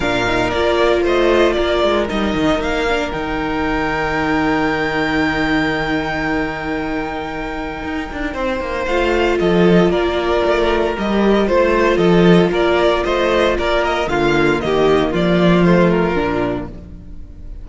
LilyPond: <<
  \new Staff \with { instrumentName = "violin" } { \time 4/4 \tempo 4 = 115 f''4 d''4 dis''4 d''4 | dis''4 f''4 g''2~ | g''1~ | g''1~ |
g''4 f''4 dis''4 d''4~ | d''4 dis''4 c''4 dis''4 | d''4 dis''4 d''8 dis''8 f''4 | dis''4 d''4 c''8 ais'4. | }
  \new Staff \with { instrumentName = "violin" } { \time 4/4 ais'2 c''4 ais'4~ | ais'1~ | ais'1~ | ais'1 |
c''2 a'4 ais'4~ | ais'2 c''4 a'4 | ais'4 c''4 ais'4 f'4 | g'4 f'2. | }
  \new Staff \with { instrumentName = "viola" } { \time 4/4 d'8 dis'8 f'2. | dis'4. d'8 dis'2~ | dis'1~ | dis'1~ |
dis'4 f'2.~ | f'4 g'4 f'2~ | f'2. ais4~ | ais2 a4 d'4 | }
  \new Staff \with { instrumentName = "cello" } { \time 4/4 ais,4 ais4 a4 ais8 gis8 | g8 dis8 ais4 dis2~ | dis1~ | dis2. dis'8 d'8 |
c'8 ais8 a4 f4 ais4 | a4 g4 a4 f4 | ais4 a4 ais4 d4 | dis4 f2 ais,4 | }
>>